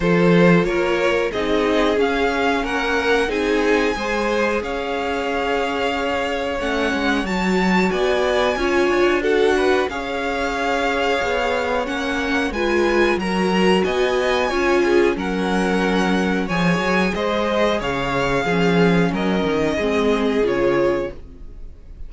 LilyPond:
<<
  \new Staff \with { instrumentName = "violin" } { \time 4/4 \tempo 4 = 91 c''4 cis''4 dis''4 f''4 | fis''4 gis''2 f''4~ | f''2 fis''4 a''4 | gis''2 fis''4 f''4~ |
f''2 fis''4 gis''4 | ais''4 gis''2 fis''4~ | fis''4 gis''4 dis''4 f''4~ | f''4 dis''2 cis''4 | }
  \new Staff \with { instrumentName = "violin" } { \time 4/4 a'4 ais'4 gis'2 | ais'4 gis'4 c''4 cis''4~ | cis''1 | d''4 cis''4 a'8 b'8 cis''4~ |
cis''2. b'4 | ais'4 dis''4 cis''8 gis'8 ais'4~ | ais'4 cis''4 c''4 cis''4 | gis'4 ais'4 gis'2 | }
  \new Staff \with { instrumentName = "viola" } { \time 4/4 f'2 dis'4 cis'4~ | cis'4 dis'4 gis'2~ | gis'2 cis'4 fis'4~ | fis'4 f'4 fis'4 gis'4~ |
gis'2 cis'4 f'4 | fis'2 f'4 cis'4~ | cis'4 gis'2. | cis'2 c'4 f'4 | }
  \new Staff \with { instrumentName = "cello" } { \time 4/4 f4 ais4 c'4 cis'4 | ais4 c'4 gis4 cis'4~ | cis'2 a8 gis8 fis4 | b4 cis'8 d'4. cis'4~ |
cis'4 b4 ais4 gis4 | fis4 b4 cis'4 fis4~ | fis4 f8 fis8 gis4 cis4 | f4 fis8 dis8 gis4 cis4 | }
>>